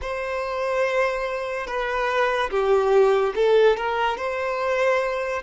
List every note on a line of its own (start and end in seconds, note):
0.01 1.66 C5
1.66 2.50 B4
2.50 3.33 G4
3.35 3.76 A4
3.76 4.17 A#4
4.17 5.42 C5